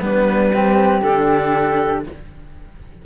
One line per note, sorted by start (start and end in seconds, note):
0.00 1.02 G3
0.00 0.51 B3
0.00 0.53 D4
0.00 1.02 B4
0.53 1.01 C4
0.53 2.06 G4
1.01 2.06 D3
1.01 2.03 D4
1.01 2.03 A4